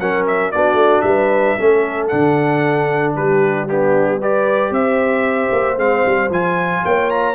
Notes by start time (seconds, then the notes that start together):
0.00 F#3 C#4 A#4 F#5
0.28 E5
0.52 B3 D4 F#4 D5
0.74 A3
1.02 G3 B4 E5
1.58 A3 C#4 A4
2.08 D3 D4 F#5
3.16 G3 G4 B4
3.69 B3 D4 G4
4.20 G4 B4 D5
4.71 C4 C5 E5
5.52 A#3
5.77 G#3 C4 F5
6.06 G3
6.30 F3 F4 G#5
6.85 A#3 C#5 G5
7.11 A#5